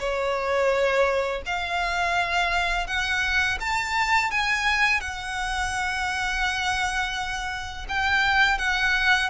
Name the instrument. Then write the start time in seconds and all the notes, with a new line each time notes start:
violin
0.00 C#5
1.46 F5
2.87 F#5
3.61 A5
4.32 G#5
5.01 F#5
7.89 G5
8.59 F#5